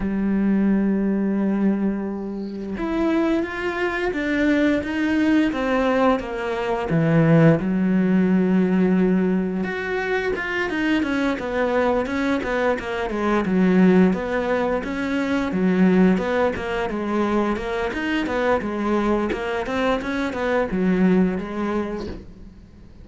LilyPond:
\new Staff \with { instrumentName = "cello" } { \time 4/4 \tempo 4 = 87 g1 | e'4 f'4 d'4 dis'4 | c'4 ais4 e4 fis4~ | fis2 fis'4 f'8 dis'8 |
cis'8 b4 cis'8 b8 ais8 gis8 fis8~ | fis8 b4 cis'4 fis4 b8 | ais8 gis4 ais8 dis'8 b8 gis4 | ais8 c'8 cis'8 b8 fis4 gis4 | }